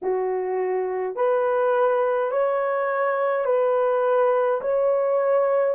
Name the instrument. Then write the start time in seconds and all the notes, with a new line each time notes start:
horn
0.02 F#4
1.15 B4
2.31 C#5
3.45 B4
4.61 C#5